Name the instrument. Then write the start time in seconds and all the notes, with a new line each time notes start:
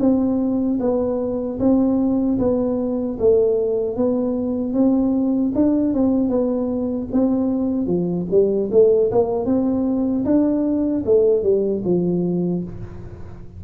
tuba
0.00 C4
0.80 B3
1.59 C4
2.39 B3
3.19 A3
3.96 B3
4.74 C4
5.56 D4
5.94 C4
6.29 B3
7.12 C4
7.87 F3
8.31 G3
8.72 A3
9.11 A#3
9.46 C4
10.25 D4
11.06 A3
11.43 G3
11.85 F3